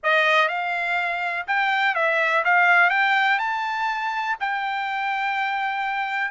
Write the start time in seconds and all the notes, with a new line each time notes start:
0.03 D#5
0.48 F5
1.47 G5
1.94 E5
2.44 F5
2.90 G5
3.38 A5
4.39 G5